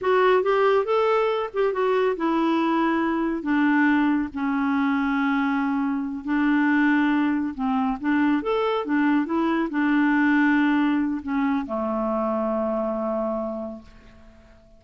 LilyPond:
\new Staff \with { instrumentName = "clarinet" } { \time 4/4 \tempo 4 = 139 fis'4 g'4 a'4. g'8 | fis'4 e'2. | d'2 cis'2~ | cis'2~ cis'8 d'4.~ |
d'4. c'4 d'4 a'8~ | a'8 d'4 e'4 d'4.~ | d'2 cis'4 a4~ | a1 | }